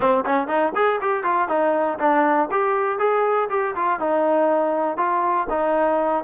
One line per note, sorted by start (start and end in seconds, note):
0.00 0.24 C4
0.25 0.47 C#4
0.47 0.72 D#4
0.75 1.00 G#4
1.01 1.23 G4
1.23 1.48 F4
1.48 1.98 D#4
1.99 2.49 D4
2.51 2.99 G4
2.99 3.49 G#4
3.49 3.74 G4
3.75 3.99 F4
3.99 4.97 D#4
4.97 5.47 F4
5.49 6.24 D#4